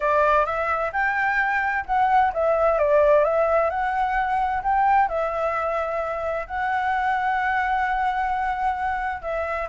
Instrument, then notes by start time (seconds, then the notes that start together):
flute
0.00 D5
0.45 E5
0.92 G5
1.86 F#5
2.33 E5
2.78 D5
3.23 E5
3.70 F#5
4.62 G5
5.08 E5
6.46 F#5
9.22 E5